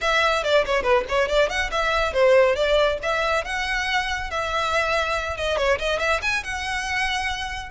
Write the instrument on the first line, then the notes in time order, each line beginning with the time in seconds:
violin
0.01 E5
0.43 D5
0.65 C#5
0.83 B4
1.08 C#5
1.28 D5
1.49 F#5
1.71 E5
2.13 C5
2.55 D5
3.02 E5
3.44 F#5
4.30 E5
5.36 D#5
5.57 C#5
5.78 D#5
5.99 E5
6.22 G#5
6.43 F#5